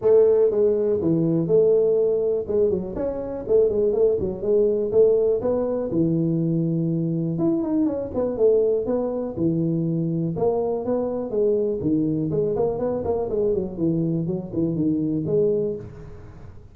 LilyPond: \new Staff \with { instrumentName = "tuba" } { \time 4/4 \tempo 4 = 122 a4 gis4 e4 a4~ | a4 gis8 fis8 cis'4 a8 gis8 | a8 fis8 gis4 a4 b4 | e2. e'8 dis'8 |
cis'8 b8 a4 b4 e4~ | e4 ais4 b4 gis4 | dis4 gis8 ais8 b8 ais8 gis8 fis8 | e4 fis8 e8 dis4 gis4 | }